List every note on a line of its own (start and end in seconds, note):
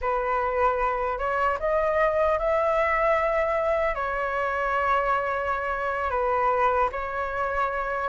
0.01 1.18 B4
1.18 1.58 C#5
1.59 2.38 D#5
2.39 3.94 E5
3.94 6.10 C#5
6.10 6.89 B4
6.92 8.08 C#5